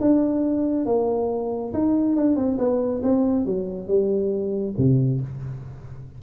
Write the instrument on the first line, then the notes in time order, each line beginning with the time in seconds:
tuba
0.00 D4
0.86 A#3
1.73 D#4
2.16 D4
2.36 C4
2.58 B3
3.03 C4
3.45 F#3
3.87 G3
4.77 C3